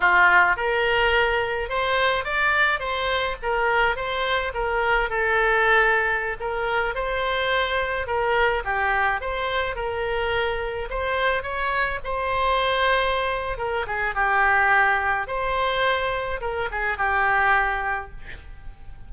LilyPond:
\new Staff \with { instrumentName = "oboe" } { \time 4/4 \tempo 4 = 106 f'4 ais'2 c''4 | d''4 c''4 ais'4 c''4 | ais'4 a'2~ a'16 ais'8.~ | ais'16 c''2 ais'4 g'8.~ |
g'16 c''4 ais'2 c''8.~ | c''16 cis''4 c''2~ c''8. | ais'8 gis'8 g'2 c''4~ | c''4 ais'8 gis'8 g'2 | }